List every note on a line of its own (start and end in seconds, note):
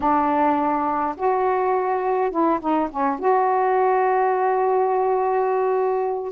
0.00 1.15 D4
1.16 2.31 F#4
2.31 2.59 E4
2.60 2.88 D#4
2.90 3.19 C#4
3.19 6.32 F#4